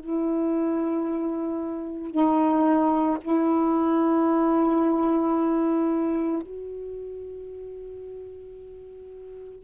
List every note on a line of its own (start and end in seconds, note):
0.00 2.11 E4
2.11 3.18 D#4
3.21 6.42 E4
6.42 9.64 F#4